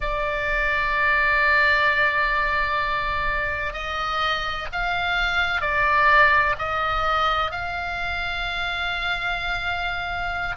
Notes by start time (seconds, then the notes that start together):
0.00 D5
3.73 D#5
4.72 F5
5.61 D5
6.58 D#5
7.51 F5